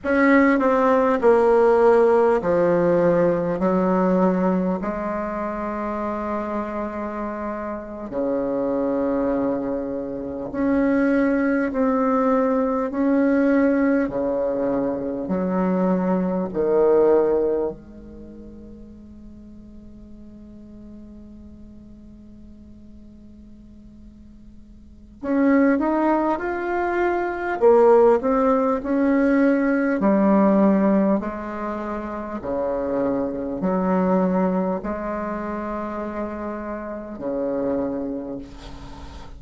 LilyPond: \new Staff \with { instrumentName = "bassoon" } { \time 4/4 \tempo 4 = 50 cis'8 c'8 ais4 f4 fis4 | gis2~ gis8. cis4~ cis16~ | cis8. cis'4 c'4 cis'4 cis16~ | cis8. fis4 dis4 gis4~ gis16~ |
gis1~ | gis4 cis'8 dis'8 f'4 ais8 c'8 | cis'4 g4 gis4 cis4 | fis4 gis2 cis4 | }